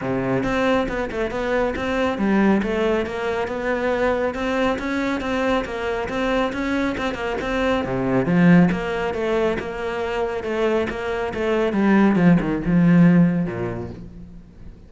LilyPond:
\new Staff \with { instrumentName = "cello" } { \time 4/4 \tempo 4 = 138 c4 c'4 b8 a8 b4 | c'4 g4 a4 ais4 | b2 c'4 cis'4 | c'4 ais4 c'4 cis'4 |
c'8 ais8 c'4 c4 f4 | ais4 a4 ais2 | a4 ais4 a4 g4 | f8 dis8 f2 ais,4 | }